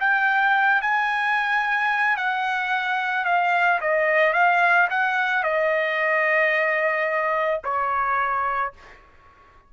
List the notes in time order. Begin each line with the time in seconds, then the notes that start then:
0.00 G5
0.82 G#5
2.17 F#5
3.25 F5
3.81 D#5
4.33 F5
4.90 F#5
5.43 D#5
7.64 C#5